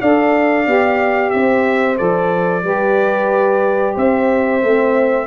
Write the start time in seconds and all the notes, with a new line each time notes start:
0.00 D4 A4 D5 F5
0.65 B3 G4
1.30 C4 C5 E5
1.97 F3 A4 D5
2.63 G3 G4 B4
3.95 C4 C5 E5
4.62 A3 C4